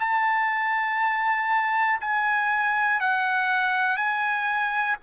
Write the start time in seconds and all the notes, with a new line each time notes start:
0.00 A5
2.00 G#5
3.00 F#5
3.97 G#5